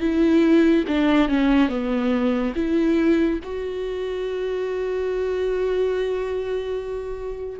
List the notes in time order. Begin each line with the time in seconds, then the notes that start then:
0.00 E4
0.88 D4
1.29 C#4
1.69 B3
2.55 E4
3.43 F#4